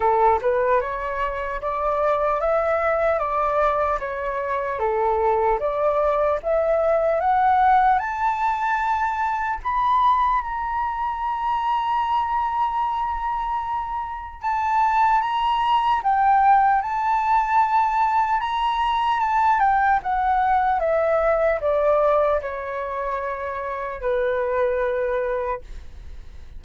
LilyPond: \new Staff \with { instrumentName = "flute" } { \time 4/4 \tempo 4 = 75 a'8 b'8 cis''4 d''4 e''4 | d''4 cis''4 a'4 d''4 | e''4 fis''4 a''2 | b''4 ais''2.~ |
ais''2 a''4 ais''4 | g''4 a''2 ais''4 | a''8 g''8 fis''4 e''4 d''4 | cis''2 b'2 | }